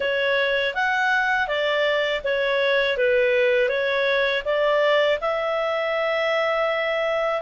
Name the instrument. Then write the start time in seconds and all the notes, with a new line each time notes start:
clarinet
0.00 C#5
0.74 F#5
1.47 D5
2.24 C#5
2.97 B4
3.68 C#5
4.44 D5
5.21 E5